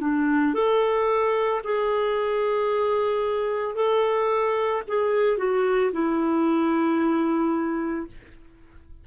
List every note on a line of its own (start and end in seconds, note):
0.00 0.54 D4
0.54 1.61 A4
1.64 3.75 G#4
3.75 4.82 A4
4.87 5.37 G#4
5.37 5.91 F#4
5.92 8.06 E4